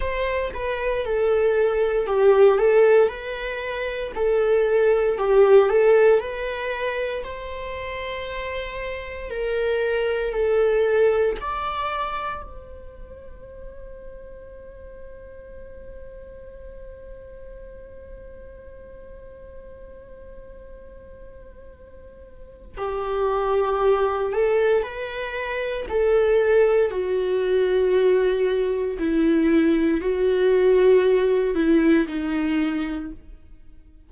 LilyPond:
\new Staff \with { instrumentName = "viola" } { \time 4/4 \tempo 4 = 58 c''8 b'8 a'4 g'8 a'8 b'4 | a'4 g'8 a'8 b'4 c''4~ | c''4 ais'4 a'4 d''4 | c''1~ |
c''1~ | c''2 g'4. a'8 | b'4 a'4 fis'2 | e'4 fis'4. e'8 dis'4 | }